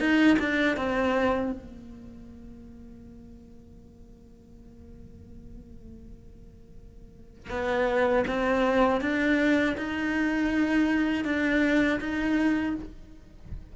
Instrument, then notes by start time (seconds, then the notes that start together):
cello
0.00 D#4
0.39 D4
0.77 C4
1.52 A#3
7.50 B3
8.27 C4
9.01 D4
9.77 D#4
11.24 D4
12.00 D#4